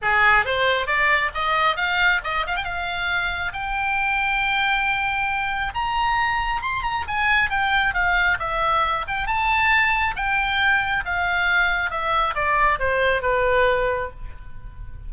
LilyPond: \new Staff \with { instrumentName = "oboe" } { \time 4/4 \tempo 4 = 136 gis'4 c''4 d''4 dis''4 | f''4 dis''8 f''16 g''16 f''2 | g''1~ | g''4 ais''2 c'''8 ais''8 |
gis''4 g''4 f''4 e''4~ | e''8 g''8 a''2 g''4~ | g''4 f''2 e''4 | d''4 c''4 b'2 | }